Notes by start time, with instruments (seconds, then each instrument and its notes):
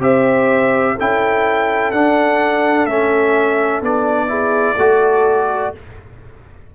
0.00 tuba C4, trombone G4, horn C5, trumpet E5
0.94 tuba C#4, trombone E4, horn A4, trumpet G5
1.91 tuba D4, trombone D4, trumpet F#5
2.86 tuba A3, trombone C#4, trumpet E5
3.81 tuba B3, trombone D4, trumpet D5
4.28 trombone E4, horn G#4
4.76 tuba A3, trombone F#4, horn A4